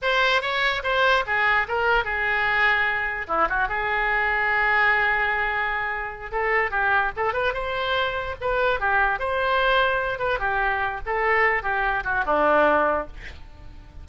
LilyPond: \new Staff \with { instrumentName = "oboe" } { \time 4/4 \tempo 4 = 147 c''4 cis''4 c''4 gis'4 | ais'4 gis'2. | e'8 fis'8 gis'2.~ | gis'2.~ gis'8 a'8~ |
a'8 g'4 a'8 b'8 c''4.~ | c''8 b'4 g'4 c''4.~ | c''4 b'8 g'4. a'4~ | a'8 g'4 fis'8 d'2 | }